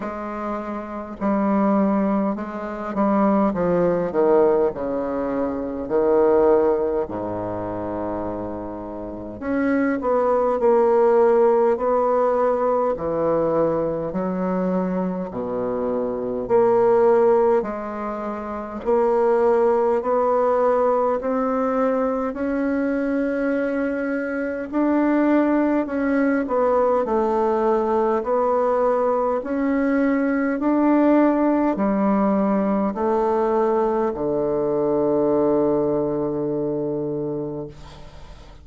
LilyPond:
\new Staff \with { instrumentName = "bassoon" } { \time 4/4 \tempo 4 = 51 gis4 g4 gis8 g8 f8 dis8 | cis4 dis4 gis,2 | cis'8 b8 ais4 b4 e4 | fis4 b,4 ais4 gis4 |
ais4 b4 c'4 cis'4~ | cis'4 d'4 cis'8 b8 a4 | b4 cis'4 d'4 g4 | a4 d2. | }